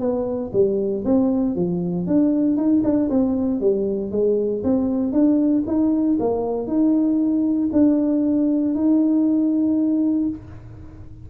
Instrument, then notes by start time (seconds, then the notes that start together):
tuba
0.00 B3
0.53 G3
1.06 C4
1.56 F3
2.07 D4
2.57 D#4
2.84 D4
3.10 C4
3.61 G3
4.12 G#3
4.64 C4
5.13 D4
5.67 D#4
6.20 A#3
6.68 D#4
7.73 D4
8.75 D#4